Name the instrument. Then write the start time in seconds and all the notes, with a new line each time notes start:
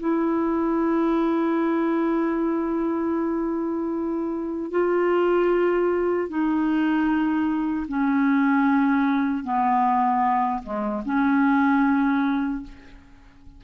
clarinet
0.00 E4
4.71 F4
6.29 D#4
7.88 C#4
9.44 B3
10.63 G#3
11.05 C#4